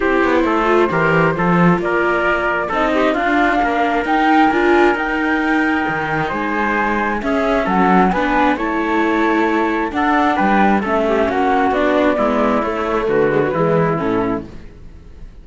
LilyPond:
<<
  \new Staff \with { instrumentName = "flute" } { \time 4/4 \tempo 4 = 133 c''1 | d''2 dis''4 f''4~ | f''4 g''4 gis''4 g''4~ | g''2 gis''2 |
e''4 fis''4 gis''4 a''4~ | a''2 fis''4 g''4 | e''4 fis''4 d''2 | cis''4 b'2 a'4 | }
  \new Staff \with { instrumentName = "trumpet" } { \time 4/4 g'4 a'4 ais'4 a'4 | ais'2 a'8 g'8 f'4 | ais'1~ | ais'2 c''2 |
gis'4 a'4 b'4 cis''4~ | cis''2 a'4 b'4 | a'8 g'8 fis'2 e'4~ | e'4 fis'4 e'2 | }
  \new Staff \with { instrumentName = "viola" } { \time 4/4 e'4. f'8 g'4 f'4~ | f'2 dis'4 d'4~ | d'4 dis'4 f'4 dis'4~ | dis'1 |
cis'2 d'4 e'4~ | e'2 d'2 | cis'2 d'4 b4 | a4. gis16 fis16 gis4 cis'4 | }
  \new Staff \with { instrumentName = "cello" } { \time 4/4 c'8 b8 a4 e4 f4 | ais2 c'4 d'4 | ais4 dis'4 d'4 dis'4~ | dis'4 dis4 gis2 |
cis'4 fis4 b4 a4~ | a2 d'4 g4 | a4 ais4 b4 gis4 | a4 d4 e4 a,4 | }
>>